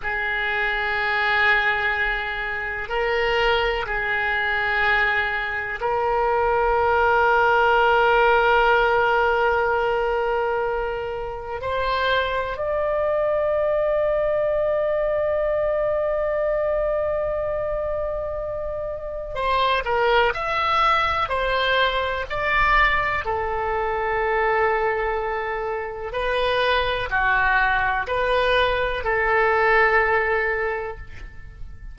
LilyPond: \new Staff \with { instrumentName = "oboe" } { \time 4/4 \tempo 4 = 62 gis'2. ais'4 | gis'2 ais'2~ | ais'1 | c''4 d''2.~ |
d''1 | c''8 ais'8 e''4 c''4 d''4 | a'2. b'4 | fis'4 b'4 a'2 | }